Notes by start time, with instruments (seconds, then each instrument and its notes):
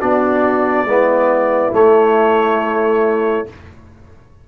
0.00 tuba B3, trombone D4, horn F#4, trumpet D5
0.85 tuba G#3, trombone B3, horn E4
1.73 trombone A3, tuba A3, trumpet C#5